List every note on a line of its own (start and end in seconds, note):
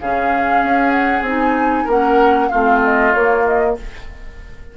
0.00 0.63 C#3
0.00 1.26 C#4
0.00 1.84 G#4
0.00 0.90 F5
0.63 1.21 C#4
0.90 1.22 F#5
1.21 1.84 C4
1.21 1.88 D#4
1.21 1.89 G#5
1.84 2.49 A#3
1.84 2.50 C#4
1.84 2.46 A#4
1.84 2.48 F#5
2.48 3.14 A3
2.48 3.13 C4
2.48 3.75 F4
2.48 2.80 F5
2.84 3.13 D#5
3.13 3.76 A#3
3.13 3.77 A#3
3.13 3.44 C#5
3.45 3.77 D#5